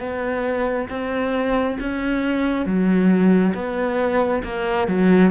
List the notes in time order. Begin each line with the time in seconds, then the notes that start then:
0.00 B3
0.89 C4
1.80 C#4
2.66 F#3
3.55 B3
4.43 A#3
4.88 F#3